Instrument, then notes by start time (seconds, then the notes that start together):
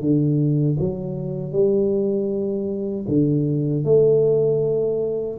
tuba
0.00 D3
0.79 F#3
1.51 G3
3.08 D3
3.84 A3